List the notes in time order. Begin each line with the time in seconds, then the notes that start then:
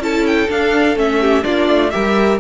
0.00 C#4 E4 A4 A5
0.27 G5
0.49 D4 F5
0.96 A3 C#4 E5
1.21 G4
1.42 A#3 D4 F4 D5
1.70 A3
1.91 G3 G4 A#4 E5